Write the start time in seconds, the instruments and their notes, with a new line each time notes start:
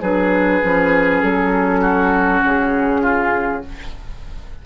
0.00 bassoon F#3, clarinet D4, oboe G#4, flute B4
0.61 bassoon F3, clarinet C#4
1.22 bassoon F#3, flute A4
1.80 oboe F#4
2.43 bassoon C#3, flute G#4
3.02 oboe F4